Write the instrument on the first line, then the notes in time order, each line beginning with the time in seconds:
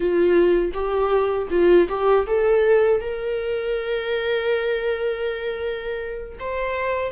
viola
0.00 F4
0.73 G4
1.50 F4
1.89 G4
2.26 A4
3.00 A#4
6.40 C5